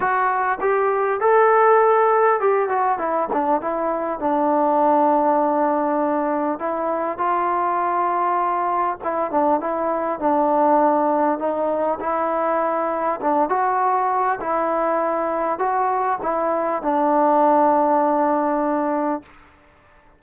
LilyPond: \new Staff \with { instrumentName = "trombone" } { \time 4/4 \tempo 4 = 100 fis'4 g'4 a'2 | g'8 fis'8 e'8 d'8 e'4 d'4~ | d'2. e'4 | f'2. e'8 d'8 |
e'4 d'2 dis'4 | e'2 d'8 fis'4. | e'2 fis'4 e'4 | d'1 | }